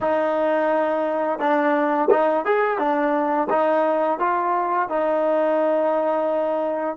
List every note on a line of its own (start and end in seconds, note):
0.00 1.39 D#4
1.39 2.09 D4
2.10 2.45 D#4
2.45 2.78 G#4
2.78 3.48 D4
3.49 4.19 D#4
4.19 4.89 F4
4.89 6.96 D#4